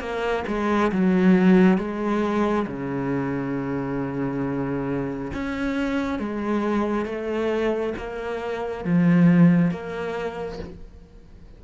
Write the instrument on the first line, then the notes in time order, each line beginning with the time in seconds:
cello
0.00 A#3
0.48 G#3
0.92 F#3
1.78 G#3
2.67 C#3
5.34 C#4
6.20 G#3
7.05 A3
7.98 A#3
8.85 F3
9.71 A#3